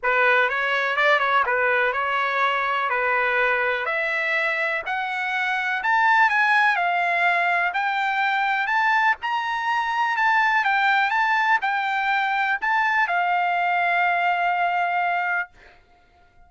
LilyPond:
\new Staff \with { instrumentName = "trumpet" } { \time 4/4 \tempo 4 = 124 b'4 cis''4 d''8 cis''8 b'4 | cis''2 b'2 | e''2 fis''2 | a''4 gis''4 f''2 |
g''2 a''4 ais''4~ | ais''4 a''4 g''4 a''4 | g''2 a''4 f''4~ | f''1 | }